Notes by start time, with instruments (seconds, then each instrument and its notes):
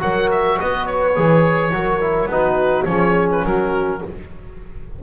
0.00 double bass F#3, trombone F#4, horn A#4, oboe F#5
0.31 oboe E5
0.60 double bass B3, horn B4, oboe D#5
0.86 oboe C#5
1.16 double bass E3, trombone G#4
1.72 double bass F#3, trombone F#4, horn A#4
2.01 trombone E4
2.26 double bass B3, trombone D#4, horn F#4, oboe B4
2.85 double bass F3, trombone C#4, horn G#4, oboe C#5
3.32 oboe B4
3.45 double bass F#3, horn F#4, oboe A#4